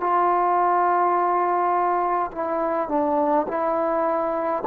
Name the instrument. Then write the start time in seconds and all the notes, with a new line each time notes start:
trombone
0.00 F4
2.31 E4
2.88 D4
3.47 E4